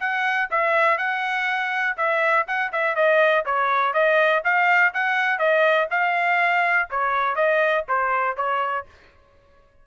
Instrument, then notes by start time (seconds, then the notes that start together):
trumpet
0.00 F#5
0.51 E5
0.98 F#5
1.97 E5
2.47 F#5
2.72 E5
2.96 D#5
3.46 C#5
3.93 D#5
4.44 F5
4.94 F#5
5.39 D#5
5.91 F5
6.90 C#5
7.35 D#5
7.88 C5
8.37 C#5